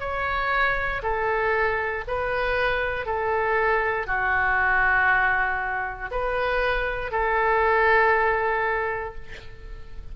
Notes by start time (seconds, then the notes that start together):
0.00 C#5
1.03 A4
2.08 B4
3.06 A4
4.07 F#4
6.11 B4
7.11 A4